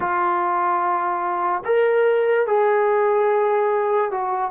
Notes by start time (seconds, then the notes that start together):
0.00 F4
1.64 A#4
2.47 G#4
4.11 F#4